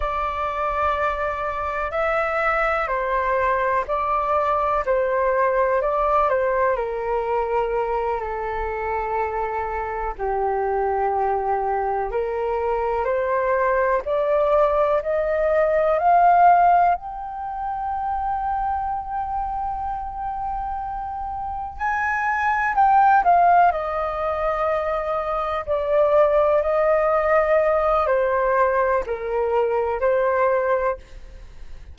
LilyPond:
\new Staff \with { instrumentName = "flute" } { \time 4/4 \tempo 4 = 62 d''2 e''4 c''4 | d''4 c''4 d''8 c''8 ais'4~ | ais'8 a'2 g'4.~ | g'8 ais'4 c''4 d''4 dis''8~ |
dis''8 f''4 g''2~ g''8~ | g''2~ g''8 gis''4 g''8 | f''8 dis''2 d''4 dis''8~ | dis''4 c''4 ais'4 c''4 | }